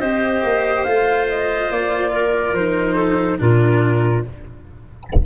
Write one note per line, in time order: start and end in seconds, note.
0.00 0.43 C4
0.00 0.87 G4
0.00 2.11 C5
0.00 0.84 D#5
0.44 0.86 A#3
0.84 1.71 A3
0.84 2.57 F4
0.84 1.26 F5
1.29 1.71 D#5
1.71 2.53 A#3
1.71 2.55 D5
2.13 2.95 A#4
2.53 3.38 F3
2.53 3.39 D#4
2.53 3.40 C5
2.95 3.37 A4
3.39 4.25 A#2
3.39 4.23 D4
3.39 4.26 F4
3.39 4.25 A#4